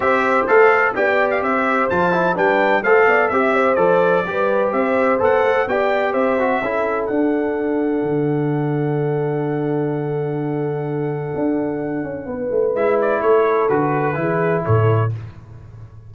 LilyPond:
<<
  \new Staff \with { instrumentName = "trumpet" } { \time 4/4 \tempo 4 = 127 e''4 f''4 g''8. f''16 e''4 | a''4 g''4 f''4 e''4 | d''2 e''4 fis''4 | g''4 e''2 fis''4~ |
fis''1~ | fis''1~ | fis''2. e''8 d''8 | cis''4 b'2 cis''4 | }
  \new Staff \with { instrumentName = "horn" } { \time 4/4 c''2 d''4 c''4~ | c''4 b'4 c''8 d''8 e''8 c''8~ | c''4 b'4 c''2 | d''4 c''4 a'2~ |
a'1~ | a'1~ | a'2 b'2 | a'2 gis'4 a'4 | }
  \new Staff \with { instrumentName = "trombone" } { \time 4/4 g'4 a'4 g'2 | f'8 e'8 d'4 a'4 g'4 | a'4 g'2 a'4 | g'4. fis'8 e'4 d'4~ |
d'1~ | d'1~ | d'2. e'4~ | e'4 fis'4 e'2 | }
  \new Staff \with { instrumentName = "tuba" } { \time 4/4 c'4 a4 b4 c'4 | f4 g4 a8 b8 c'4 | f4 g4 c'4 b8 a8 | b4 c'4 cis'4 d'4~ |
d'4 d2.~ | d1 | d'4. cis'8 b8 a8 gis4 | a4 d4 e4 a,4 | }
>>